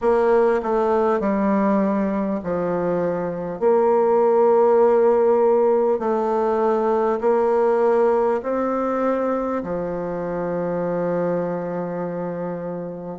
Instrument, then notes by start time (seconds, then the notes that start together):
bassoon
0.01 A#3
0.62 A3
1.20 G3
2.43 F3
3.59 A#3
5.99 A3
7.21 A#3
8.43 C4
9.63 F3